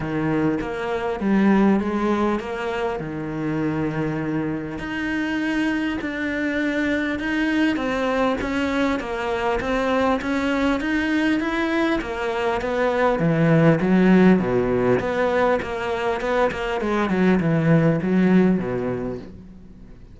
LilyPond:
\new Staff \with { instrumentName = "cello" } { \time 4/4 \tempo 4 = 100 dis4 ais4 g4 gis4 | ais4 dis2. | dis'2 d'2 | dis'4 c'4 cis'4 ais4 |
c'4 cis'4 dis'4 e'4 | ais4 b4 e4 fis4 | b,4 b4 ais4 b8 ais8 | gis8 fis8 e4 fis4 b,4 | }